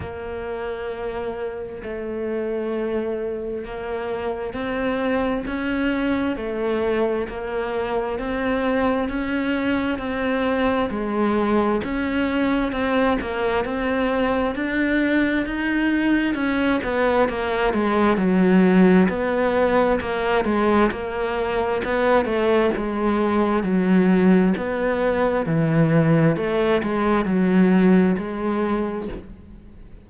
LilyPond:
\new Staff \with { instrumentName = "cello" } { \time 4/4 \tempo 4 = 66 ais2 a2 | ais4 c'4 cis'4 a4 | ais4 c'4 cis'4 c'4 | gis4 cis'4 c'8 ais8 c'4 |
d'4 dis'4 cis'8 b8 ais8 gis8 | fis4 b4 ais8 gis8 ais4 | b8 a8 gis4 fis4 b4 | e4 a8 gis8 fis4 gis4 | }